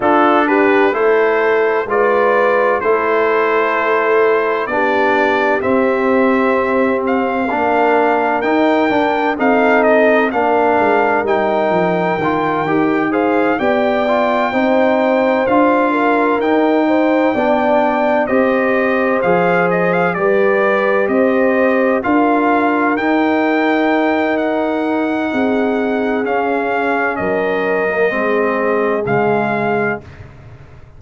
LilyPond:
<<
  \new Staff \with { instrumentName = "trumpet" } { \time 4/4 \tempo 4 = 64 a'8 b'8 c''4 d''4 c''4~ | c''4 d''4 e''4. f''8~ | f''4 g''4 f''8 dis''8 f''4 | g''2 f''8 g''4.~ |
g''8 f''4 g''2 dis''8~ | dis''8 f''8 dis''16 f''16 d''4 dis''4 f''8~ | f''8 g''4. fis''2 | f''4 dis''2 f''4 | }
  \new Staff \with { instrumentName = "horn" } { \time 4/4 f'8 g'8 a'4 b'4 a'4~ | a'4 g'2. | ais'2 a'4 ais'4~ | ais'2 c''8 d''4 c''8~ |
c''4 ais'4 c''8 d''4 c''8~ | c''4. b'4 c''4 ais'8~ | ais'2. gis'4~ | gis'4 ais'4 gis'2 | }
  \new Staff \with { instrumentName = "trombone" } { \time 4/4 d'4 e'4 f'4 e'4~ | e'4 d'4 c'2 | d'4 dis'8 d'8 dis'4 d'4 | dis'4 f'8 g'8 gis'8 g'8 f'8 dis'8~ |
dis'8 f'4 dis'4 d'4 g'8~ | g'8 gis'4 g'2 f'8~ | f'8 dis'2.~ dis'8 | cis'4.~ cis'16 ais16 c'4 gis4 | }
  \new Staff \with { instrumentName = "tuba" } { \time 4/4 d'4 a4 gis4 a4~ | a4 b4 c'2 | ais4 dis'8 d'8 c'4 ais8 gis8 | g8 f8 dis8 dis'4 b4 c'8~ |
c'8 d'4 dis'4 b4 c'8~ | c'8 f4 g4 c'4 d'8~ | d'8 dis'2~ dis'8 c'4 | cis'4 fis4 gis4 cis4 | }
>>